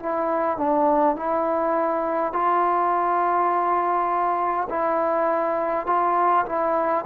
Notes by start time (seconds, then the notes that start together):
0.00 E4
0.58 D4
1.16 E4
2.33 F4
4.70 E4
5.87 F4
6.46 E4